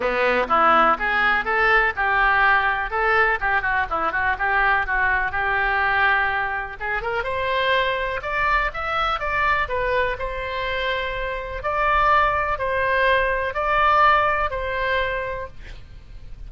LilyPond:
\new Staff \with { instrumentName = "oboe" } { \time 4/4 \tempo 4 = 124 b4 e'4 gis'4 a'4 | g'2 a'4 g'8 fis'8 | e'8 fis'8 g'4 fis'4 g'4~ | g'2 gis'8 ais'8 c''4~ |
c''4 d''4 e''4 d''4 | b'4 c''2. | d''2 c''2 | d''2 c''2 | }